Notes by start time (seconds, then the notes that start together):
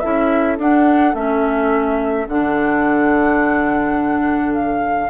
0.00 C#4 E4 A4 E5
0.58 D4 F#5
1.14 A3 C#4 E5
2.28 D3 D4 F#5
4.54 F5